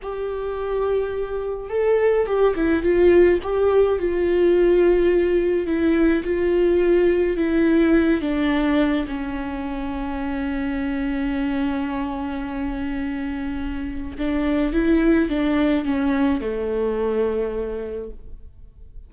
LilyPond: \new Staff \with { instrumentName = "viola" } { \time 4/4 \tempo 4 = 106 g'2. a'4 | g'8 e'8 f'4 g'4 f'4~ | f'2 e'4 f'4~ | f'4 e'4. d'4. |
cis'1~ | cis'1~ | cis'4 d'4 e'4 d'4 | cis'4 a2. | }